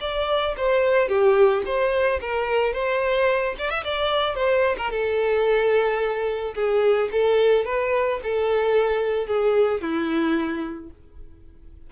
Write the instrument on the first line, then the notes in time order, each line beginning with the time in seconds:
violin
0.00 D5
0.57 C5
1.08 G4
1.65 C5
2.21 A#4
2.73 C5
3.58 D5
3.70 E5
3.84 D5
4.34 C5
4.77 A#4
4.90 A4
6.54 G#4
7.11 A4
7.65 B4
8.23 A4
9.27 G#4
9.81 E4